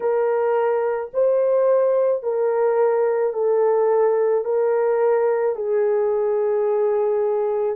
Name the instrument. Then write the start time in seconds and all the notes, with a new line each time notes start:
horn
0.00 A#4
1.13 C5
2.22 A#4
3.33 A4
4.44 A#4
5.55 G#4